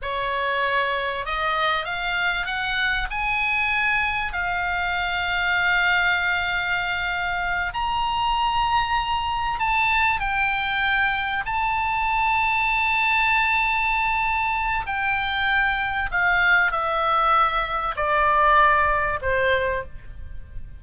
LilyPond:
\new Staff \with { instrumentName = "oboe" } { \time 4/4 \tempo 4 = 97 cis''2 dis''4 f''4 | fis''4 gis''2 f''4~ | f''1~ | f''8 ais''2. a''8~ |
a''8 g''2 a''4.~ | a''1 | g''2 f''4 e''4~ | e''4 d''2 c''4 | }